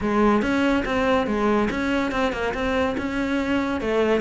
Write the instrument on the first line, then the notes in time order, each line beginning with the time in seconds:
cello
0.01 G#3
0.42 C#4
0.85 C4
1.27 G#3
1.70 C#4
2.11 C4
2.32 A#3
2.53 C4
2.97 C#4
3.80 A3